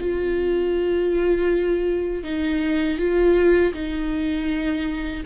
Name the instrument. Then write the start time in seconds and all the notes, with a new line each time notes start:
viola
0.00 F4
2.24 D#4
2.99 F4
3.74 D#4